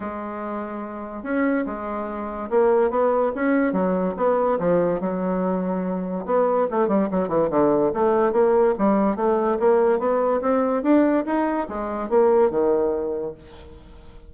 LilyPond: \new Staff \with { instrumentName = "bassoon" } { \time 4/4 \tempo 4 = 144 gis2. cis'4 | gis2 ais4 b4 | cis'4 fis4 b4 f4 | fis2. b4 |
a8 g8 fis8 e8 d4 a4 | ais4 g4 a4 ais4 | b4 c'4 d'4 dis'4 | gis4 ais4 dis2 | }